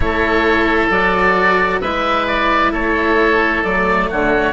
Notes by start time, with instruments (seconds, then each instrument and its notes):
0.00 bassoon A3, cello E4, oboe A4 C#5
0.90 bassoon F#3, cello F#4, oboe D5
1.80 bassoon G#3, cello E4, oboe B4 E5
2.27 oboe D5
2.71 bassoon A3, oboe A4 C#5
3.64 bassoon F#3, cello A3, oboe D5
4.09 bassoon D3, oboe F#4 C#5